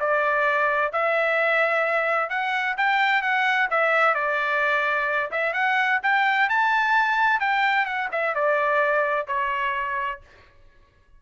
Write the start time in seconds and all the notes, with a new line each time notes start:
0.00 D5
0.92 E5
2.30 F#5
2.77 G5
3.22 F#5
3.71 E5
4.15 D5
5.31 E5
5.53 F#5
6.03 G5
6.49 A5
7.40 G5
7.86 F#5
8.12 E5
8.35 D5
9.27 C#5